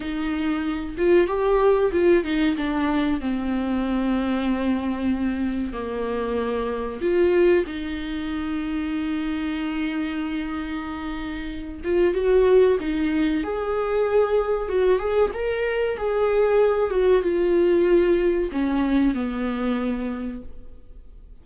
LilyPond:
\new Staff \with { instrumentName = "viola" } { \time 4/4 \tempo 4 = 94 dis'4. f'8 g'4 f'8 dis'8 | d'4 c'2.~ | c'4 ais2 f'4 | dis'1~ |
dis'2~ dis'8 f'8 fis'4 | dis'4 gis'2 fis'8 gis'8 | ais'4 gis'4. fis'8 f'4~ | f'4 cis'4 b2 | }